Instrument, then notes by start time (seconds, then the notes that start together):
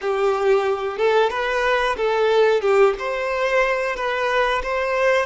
violin
0.01 G4
0.97 A4
1.29 B4
1.96 A4
2.61 G4
2.98 C5
3.96 B4
4.62 C5